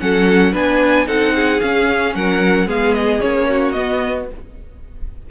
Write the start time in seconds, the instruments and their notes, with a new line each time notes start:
0.00 cello F#3, viola C#4, violin A4 F#5
0.52 cello B3, viola D4, violin B4 G#5
1.07 cello C4, viola D#4, violin A4 F#5
1.35 violin G#4
1.61 viola C#4, cello C#4, violin F5
2.15 cello F#3, violin A#4 F#5
2.67 cello G#3, viola B3, violin G#4 F5
2.95 violin D#5
3.21 cello A#3, viola C#4, violin C#5
3.49 violin F#4
3.72 viola B3, cello B3, violin D#5